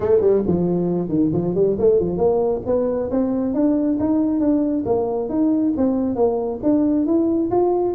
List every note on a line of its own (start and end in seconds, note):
0.00 0.20 A3
0.20 0.43 G3
0.47 1.08 F3
1.08 1.31 D#3
1.32 1.54 F3
1.54 1.76 G3
1.78 1.99 A3
1.99 2.17 F3
2.17 2.61 A#3
2.66 3.10 B3
3.10 3.54 C4
3.54 3.98 D4
3.99 4.40 D#4
4.40 4.84 D4
4.85 5.29 A#3
5.29 5.73 D#4
5.76 6.15 C4
6.15 6.59 A#3
6.62 7.05 D4
7.05 7.50 E4
7.50 7.95 F4